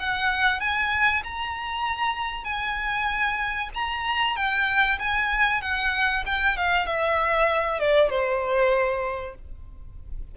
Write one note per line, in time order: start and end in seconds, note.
0.00 0.61 F#5
0.61 1.23 G#5
1.24 2.45 A#5
2.45 3.70 G#5
3.74 4.37 A#5
4.37 4.99 G5
4.99 5.62 G#5
5.62 6.24 F#5
6.26 6.57 G5
6.57 6.87 F5
6.87 7.80 E5
7.80 8.10 D5
8.10 9.35 C5